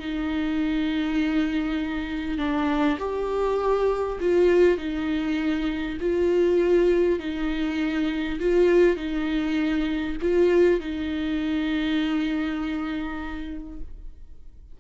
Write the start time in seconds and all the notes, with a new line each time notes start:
0.00 D#4
2.39 D4
2.99 G4
4.21 F4
4.78 D#4
6.01 F4
7.20 D#4
8.40 F4
8.97 D#4
10.22 F4
10.81 D#4